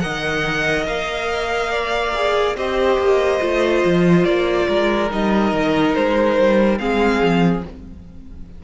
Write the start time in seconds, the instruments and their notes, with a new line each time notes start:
0.00 cello D#3, viola A#4, violin D#5 F#5
0.87 cello A#3, violin F5
1.72 violin D5
2.15 viola G#4
2.56 cello C4, viola G4, violin C5 D#5
2.98 cello A#3
3.40 cello A3, viola F4
3.85 cello F3
4.25 cello A#3, violin D5
4.68 cello G#3, violin A#4
5.10 cello G3, viola D#4, violin D#5
5.53 cello D#3
5.95 cello G#3, violin C5
6.38 cello G3
6.79 cello G#3, viola C4, violin G#4 F5
7.22 cello F3